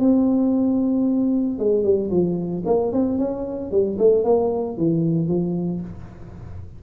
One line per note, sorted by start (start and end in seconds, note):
0.00 1.59 C4
1.59 1.84 G#3
1.84 2.10 G3
2.11 2.64 F3
2.66 2.93 A#3
2.93 3.19 C4
3.19 3.71 C#4
3.71 3.98 G3
3.98 4.25 A3
4.25 4.77 A#3
4.77 5.28 E3
5.28 5.81 F3